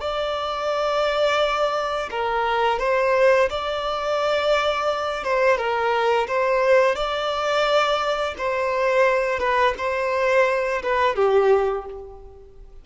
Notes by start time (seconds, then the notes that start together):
0.00 D5
2.11 A#4
2.79 C5
3.50 D5
5.24 C5
5.58 A#4
6.27 C5
6.95 D5
8.38 C5
9.39 B4
9.78 C5
10.83 B4
11.16 G4